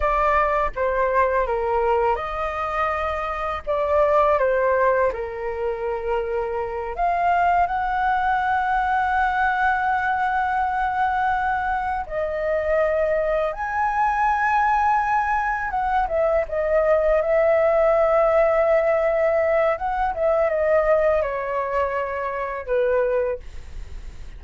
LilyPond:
\new Staff \with { instrumentName = "flute" } { \time 4/4 \tempo 4 = 82 d''4 c''4 ais'4 dis''4~ | dis''4 d''4 c''4 ais'4~ | ais'4. f''4 fis''4.~ | fis''1~ |
fis''8 dis''2 gis''4.~ | gis''4. fis''8 e''8 dis''4 e''8~ | e''2. fis''8 e''8 | dis''4 cis''2 b'4 | }